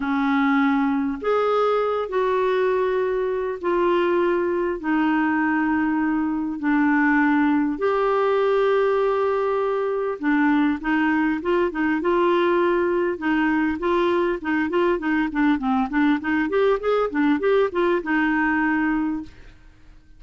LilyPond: \new Staff \with { instrumentName = "clarinet" } { \time 4/4 \tempo 4 = 100 cis'2 gis'4. fis'8~ | fis'2 f'2 | dis'2. d'4~ | d'4 g'2.~ |
g'4 d'4 dis'4 f'8 dis'8 | f'2 dis'4 f'4 | dis'8 f'8 dis'8 d'8 c'8 d'8 dis'8 g'8 | gis'8 d'8 g'8 f'8 dis'2 | }